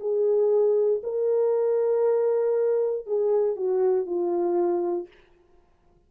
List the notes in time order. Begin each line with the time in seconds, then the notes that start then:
0.00 G#4
1.03 A#4
3.06 G#4
3.56 F#4
4.06 F4